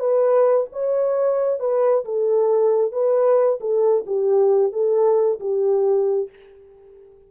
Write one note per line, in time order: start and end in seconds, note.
0.00 0.67 B4
0.73 1.60 C#5
1.60 2.05 B4
2.05 2.93 A4
2.93 3.60 B4
3.61 4.05 A4
4.07 4.73 G4
4.73 5.40 A4
5.40 6.30 G4